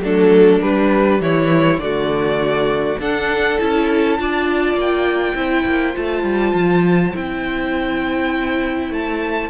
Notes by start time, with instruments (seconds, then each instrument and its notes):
0.00 cello F#3, viola A3, violin D4 A4
0.61 viola G3, cello G3, violin B4
1.21 cello E3, violin E4 C#5
1.78 cello D3, viola A3, violin F#4 D5
2.99 cello D4, viola D4, violin A4 F#5
3.60 cello C#4, viola E4, violin A5
4.19 cello D4, viola F4, violin D5
4.74 cello A#3
4.81 violin G5
5.35 cello C4, viola E4, violin C5
5.66 cello A#3
5.94 cello A3, viola F4, violin A5
6.24 cello G3
6.54 cello F3
7.14 cello C4, viola E4, violin G5
8.90 cello A3, violin A5